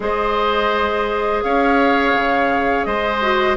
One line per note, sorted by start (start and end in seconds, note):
0.00 1.43 G#3
0.00 3.19 G#4
0.00 1.44 C5
0.00 1.43 D#5
1.43 2.13 C#4
1.43 2.86 C#5
1.43 2.84 F5
2.13 2.85 C#3
2.84 3.56 G#3
2.84 3.56 C5
2.84 3.56 D#5
3.21 3.56 F#4